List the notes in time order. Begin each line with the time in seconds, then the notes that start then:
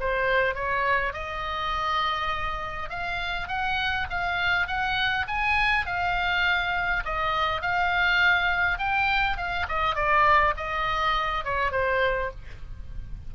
0.00 C5
0.55 C#5
1.13 D#5
2.90 F5
3.48 F#5
4.10 F5
4.67 F#5
5.28 G#5
5.86 F5
7.05 D#5
7.62 F5
8.79 G5
9.37 F5
9.68 D#5
9.95 D5
10.57 D#5
11.45 C#5
11.72 C5